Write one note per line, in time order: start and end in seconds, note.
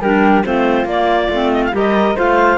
0.00 0.43 G3
0.00 0.43 D4
0.00 0.44 G4
0.00 0.44 A#4
0.43 0.85 A3
0.43 0.86 C4
0.43 1.75 F4
0.43 0.87 C5
0.85 1.28 A#3
0.85 1.32 A#3
0.85 1.53 D5
1.29 1.72 A3
1.29 1.72 C4
1.53 1.64 D#5
1.64 1.75 F5
1.72 2.16 G3
1.72 2.15 G4
1.72 2.16 A#4
1.72 2.18 D#5
2.15 2.58 A3
2.15 2.58 F4
2.15 2.58 C5
2.15 2.58 F5